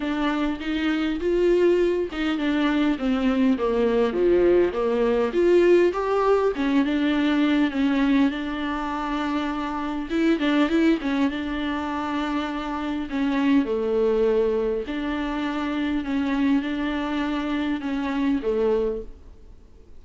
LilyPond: \new Staff \with { instrumentName = "viola" } { \time 4/4 \tempo 4 = 101 d'4 dis'4 f'4. dis'8 | d'4 c'4 ais4 f4 | ais4 f'4 g'4 cis'8 d'8~ | d'4 cis'4 d'2~ |
d'4 e'8 d'8 e'8 cis'8 d'4~ | d'2 cis'4 a4~ | a4 d'2 cis'4 | d'2 cis'4 a4 | }